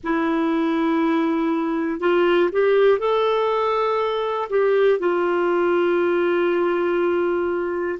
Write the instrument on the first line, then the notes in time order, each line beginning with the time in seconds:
clarinet
0.03 E4
2.00 F4
2.51 G4
2.99 A4
4.50 G4
4.99 F4